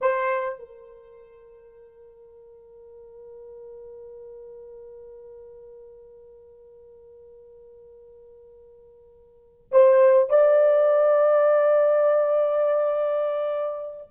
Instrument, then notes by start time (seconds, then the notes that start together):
horn
0.01 C5
0.58 A#4
9.71 C5
10.29 D5